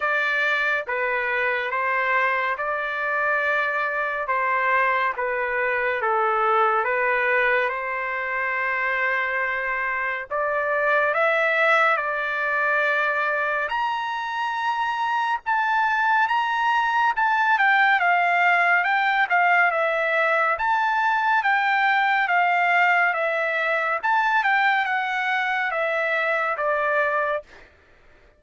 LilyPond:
\new Staff \with { instrumentName = "trumpet" } { \time 4/4 \tempo 4 = 70 d''4 b'4 c''4 d''4~ | d''4 c''4 b'4 a'4 | b'4 c''2. | d''4 e''4 d''2 |
ais''2 a''4 ais''4 | a''8 g''8 f''4 g''8 f''8 e''4 | a''4 g''4 f''4 e''4 | a''8 g''8 fis''4 e''4 d''4 | }